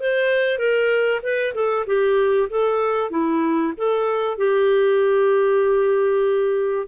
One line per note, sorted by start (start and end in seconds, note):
0.00 0.58 C5
0.58 1.20 A#4
1.22 1.54 B4
1.54 1.86 A4
1.86 2.49 G4
2.49 3.11 A4
3.11 3.73 E4
3.77 4.38 A4
4.38 6.87 G4